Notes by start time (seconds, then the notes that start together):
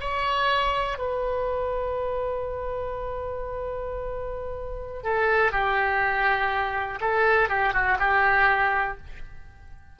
0.00 C#5
0.98 B4
5.03 A4
5.51 G4
7.00 A4
7.49 G4
7.73 F#4
7.99 G4